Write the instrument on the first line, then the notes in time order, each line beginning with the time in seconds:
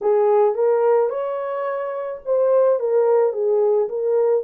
horn
0.01 G#4
0.55 A#4
1.09 C#5
2.25 C5
2.79 A#4
3.33 G#4
3.88 A#4